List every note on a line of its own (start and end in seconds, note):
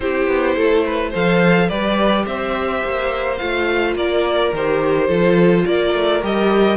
0.00 0.27 C4
0.00 1.12 E4
0.00 0.55 G4
0.00 1.13 C5
0.27 0.56 B3
0.55 1.13 A3
0.55 0.84 A4
0.86 1.10 B4
1.10 1.71 F3
1.10 1.69 A4
1.10 1.67 C5
1.10 1.69 F5
1.69 2.26 G3
1.69 3.39 G4
1.69 2.25 B4
1.69 2.25 D5
2.26 2.82 C4
2.26 3.96 C5
2.26 3.37 E5
2.83 3.40 A#3
3.37 3.95 A3
3.37 4.53 F4
3.37 3.93 F5
3.95 4.52 A#3
3.95 5.07 A#4
3.95 4.53 D5
4.52 5.08 D#3
4.52 5.09 G4
4.52 5.66 C5
5.07 5.65 F3
5.07 6.21 F4
5.07 5.64 A4
5.66 5.94 A#3
5.66 6.76 A#4
5.66 6.22 D5
5.94 6.22 A3
6.21 6.76 G3
6.21 6.76 G4
6.21 6.76 D#5